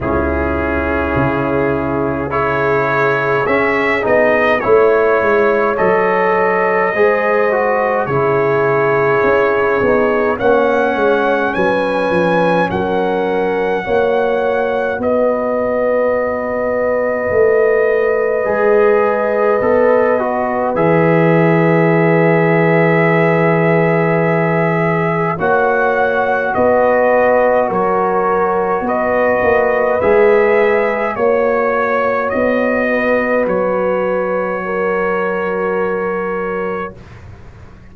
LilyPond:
<<
  \new Staff \with { instrumentName = "trumpet" } { \time 4/4 \tempo 4 = 52 gis'2 cis''4 e''8 dis''8 | cis''4 dis''2 cis''4~ | cis''4 fis''4 gis''4 fis''4~ | fis''4 dis''2.~ |
dis''2 e''2~ | e''2 fis''4 dis''4 | cis''4 dis''4 e''4 cis''4 | dis''4 cis''2. | }
  \new Staff \with { instrumentName = "horn" } { \time 4/4 e'2 gis'2 | cis''2 c''4 gis'4~ | gis'4 cis''4 b'4 ais'4 | cis''4 b'2.~ |
b'1~ | b'2 cis''4 b'4 | ais'4 b'2 cis''4~ | cis''8 b'4. ais'2 | }
  \new Staff \with { instrumentName = "trombone" } { \time 4/4 cis'2 e'4 cis'8 dis'8 | e'4 a'4 gis'8 fis'8 e'4~ | e'8 dis'8 cis'2. | fis'1 |
gis'4 a'8 fis'8 gis'2~ | gis'2 fis'2~ | fis'2 gis'4 fis'4~ | fis'1 | }
  \new Staff \with { instrumentName = "tuba" } { \time 4/4 cis,4 cis2 cis'8 b8 | a8 gis8 fis4 gis4 cis4 | cis'8 b8 ais8 gis8 fis8 f8 fis4 | ais4 b2 a4 |
gis4 b4 e2~ | e2 ais4 b4 | fis4 b8 ais8 gis4 ais4 | b4 fis2. | }
>>